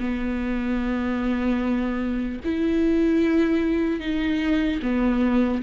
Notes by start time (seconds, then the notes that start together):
0.00 B3
2.44 E4
4.00 D#4
4.82 B3